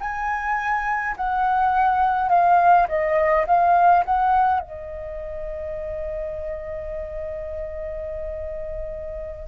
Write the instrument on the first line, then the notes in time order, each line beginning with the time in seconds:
flute
0.00 G#5
1.17 F#5
2.29 F5
2.88 D#5
3.47 F5
4.05 F#5
4.60 D#5